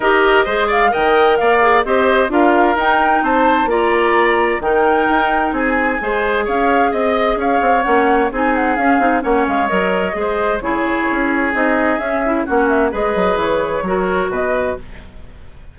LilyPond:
<<
  \new Staff \with { instrumentName = "flute" } { \time 4/4 \tempo 4 = 130 dis''4. f''8 g''4 f''4 | dis''4 f''4 g''4 a''4 | ais''2 g''2 | gis''2 f''4 dis''4 |
f''4 fis''4 gis''8 fis''8 f''4 | fis''8 f''8 dis''2 cis''4~ | cis''4 dis''4 e''4 fis''8 e''8 | dis''4 cis''2 dis''4 | }
  \new Staff \with { instrumentName = "oboe" } { \time 4/4 ais'4 c''8 d''8 dis''4 d''4 | c''4 ais'2 c''4 | d''2 ais'2 | gis'4 c''4 cis''4 dis''4 |
cis''2 gis'2 | cis''2 c''4 gis'4~ | gis'2. fis'4 | b'2 ais'4 b'4 | }
  \new Staff \with { instrumentName = "clarinet" } { \time 4/4 g'4 gis'4 ais'4. gis'8 | g'4 f'4 dis'2 | f'2 dis'2~ | dis'4 gis'2.~ |
gis'4 cis'4 dis'4 cis'8 dis'8 | cis'4 ais'4 gis'4 e'4~ | e'4 dis'4 cis'8 e'8 cis'4 | gis'2 fis'2 | }
  \new Staff \with { instrumentName = "bassoon" } { \time 4/4 dis'4 gis4 dis4 ais4 | c'4 d'4 dis'4 c'4 | ais2 dis4 dis'4 | c'4 gis4 cis'4 c'4 |
cis'8 c'8 ais4 c'4 cis'8 c'8 | ais8 gis8 fis4 gis4 cis4 | cis'4 c'4 cis'4 ais4 | gis8 fis8 e4 fis4 b,4 | }
>>